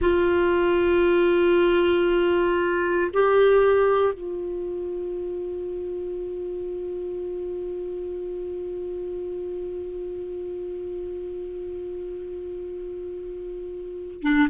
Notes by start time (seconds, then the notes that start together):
0.00 F4
3.13 G4
4.13 F4
14.22 D4